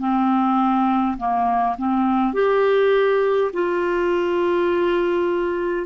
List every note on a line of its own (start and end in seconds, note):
0.00 1.18 C4
1.18 1.76 A#3
1.78 2.34 C4
2.34 3.51 G4
3.53 5.87 F4